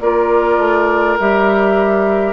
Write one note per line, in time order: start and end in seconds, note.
0.00 0.58 A#3
0.00 1.19 F4
0.00 2.33 A#4
0.00 1.18 D5
0.58 1.16 A3
1.19 2.33 G3
1.19 2.33 G4
1.19 2.33 E5